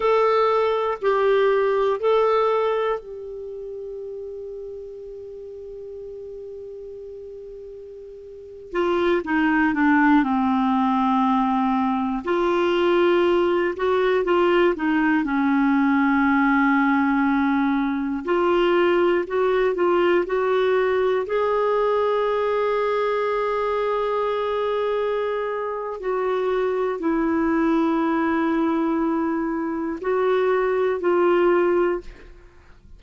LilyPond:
\new Staff \with { instrumentName = "clarinet" } { \time 4/4 \tempo 4 = 60 a'4 g'4 a'4 g'4~ | g'1~ | g'8. f'8 dis'8 d'8 c'4.~ c'16~ | c'16 f'4. fis'8 f'8 dis'8 cis'8.~ |
cis'2~ cis'16 f'4 fis'8 f'16~ | f'16 fis'4 gis'2~ gis'8.~ | gis'2 fis'4 e'4~ | e'2 fis'4 f'4 | }